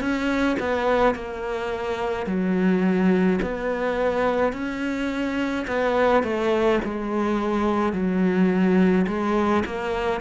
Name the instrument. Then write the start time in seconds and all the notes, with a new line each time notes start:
cello
0.00 C#4
0.60 B3
1.15 A#3
2.27 F#3
3.42 B3
4.53 C#4
5.68 B3
6.23 A3
6.84 G#3
7.93 F#3
9.07 G#3
9.66 A#3